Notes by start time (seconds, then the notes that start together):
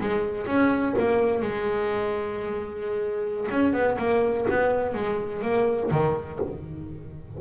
0.00 G#3
0.46 C#4
0.99 A#3
1.42 G#3
3.51 C#4
3.73 B3
3.98 A#3
4.50 B3
4.94 G#3
5.42 A#3
5.91 D#3